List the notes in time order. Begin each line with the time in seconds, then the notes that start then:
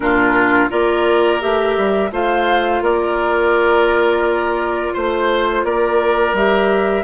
0.00 A#2 D4 F4 A#4
0.69 A#3 F4 A#4 D5
1.40 A3 G4 E5
1.77 G3
2.11 A3 F4 C5 F5
2.81 A#3 A#4 D5
4.93 A3 C5
5.64 A#3 A#4 D5
6.33 G3 G4 E5